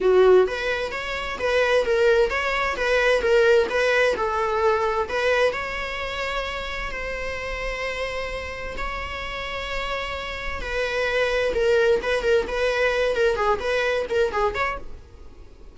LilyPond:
\new Staff \with { instrumentName = "viola" } { \time 4/4 \tempo 4 = 130 fis'4 b'4 cis''4 b'4 | ais'4 cis''4 b'4 ais'4 | b'4 a'2 b'4 | cis''2. c''4~ |
c''2. cis''4~ | cis''2. b'4~ | b'4 ais'4 b'8 ais'8 b'4~ | b'8 ais'8 gis'8 b'4 ais'8 gis'8 cis''8 | }